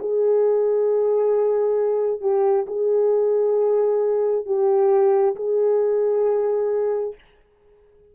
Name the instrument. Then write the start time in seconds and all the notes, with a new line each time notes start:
horn
0.00 G#4
2.21 G4
2.67 G#4
4.46 G4
5.36 G#4